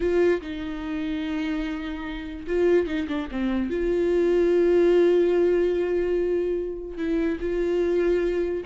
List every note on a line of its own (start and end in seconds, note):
0.00 0.41 F4
0.41 2.46 D#4
2.47 2.86 F4
2.86 3.07 D#4
3.07 3.28 D4
3.31 3.70 C4
3.70 6.97 F4
6.97 7.38 E4
7.40 8.63 F4